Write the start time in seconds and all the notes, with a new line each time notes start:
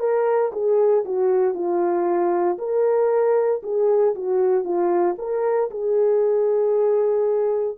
0.00 A#4
0.52 G#4
1.05 F#4
1.54 F4
2.58 A#4
3.63 G#4
4.15 F#4
4.64 F4
5.18 A#4
5.71 G#4